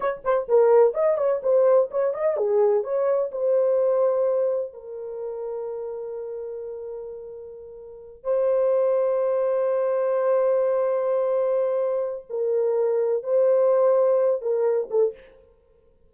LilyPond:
\new Staff \with { instrumentName = "horn" } { \time 4/4 \tempo 4 = 127 cis''8 c''8 ais'4 dis''8 cis''8 c''4 | cis''8 dis''8 gis'4 cis''4 c''4~ | c''2 ais'2~ | ais'1~ |
ais'4. c''2~ c''8~ | c''1~ | c''2 ais'2 | c''2~ c''8 ais'4 a'8 | }